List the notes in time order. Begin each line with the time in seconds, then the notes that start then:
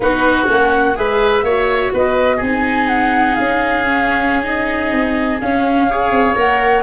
0.00 B3 D#4 F#4 B4
0.46 A#3 C#4 F#5
0.95 G#3 G#4 B4 E5
1.42 A#3 F#4 C#5
1.93 B3 B4 D#5
2.36 C4 G#4
2.42 D#4 G#5
2.87 F#5
3.35 C#4 F5
3.84 C#4
4.43 D#4 D#5
4.92 C4
5.40 C#4 F5
5.90 G#4 C#5
6.11 C4
6.35 A#3 A#4 F#5